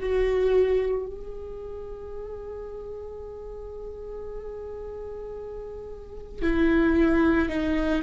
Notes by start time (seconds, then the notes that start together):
0.00 F#4
1.07 G#4
6.42 E4
7.49 D#4